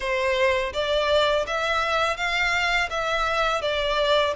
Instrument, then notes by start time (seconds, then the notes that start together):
violin
0.00 C5
0.73 D5
1.46 E5
2.17 F5
2.89 E5
3.61 D5